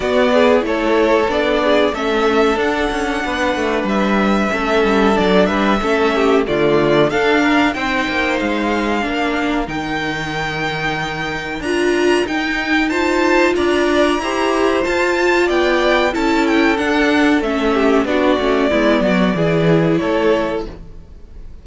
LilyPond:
<<
  \new Staff \with { instrumentName = "violin" } { \time 4/4 \tempo 4 = 93 d''4 cis''4 d''4 e''4 | fis''2 e''2 | d''8 e''4. d''4 f''4 | g''4 f''2 g''4~ |
g''2 ais''4 g''4 | a''4 ais''2 a''4 | g''4 a''8 g''8 fis''4 e''4 | d''2. cis''4 | }
  \new Staff \with { instrumentName = "violin" } { \time 4/4 fis'8 gis'8 a'4. gis'8 a'4~ | a'4 b'2 a'4~ | a'8 b'8 a'8 g'8 f'4 a'8 ais'8 | c''2 ais'2~ |
ais'1 | c''4 d''4 c''2 | d''4 a'2~ a'8 g'8 | fis'4 e'8 fis'8 gis'4 a'4 | }
  \new Staff \with { instrumentName = "viola" } { \time 4/4 b4 e'4 d'4 cis'4 | d'2. cis'4 | d'4 cis'4 a4 d'4 | dis'2 d'4 dis'4~ |
dis'2 f'4 dis'4 | f'2 g'4 f'4~ | f'4 e'4 d'4 cis'4 | d'8 cis'8 b4 e'2 | }
  \new Staff \with { instrumentName = "cello" } { \time 4/4 b4 a4 b4 a4 | d'8 cis'8 b8 a8 g4 a8 g8 | fis8 g8 a4 d4 d'4 | c'8 ais8 gis4 ais4 dis4~ |
dis2 d'4 dis'4~ | dis'4 d'4 e'4 f'4 | b4 cis'4 d'4 a4 | b8 a8 gis8 fis8 e4 a4 | }
>>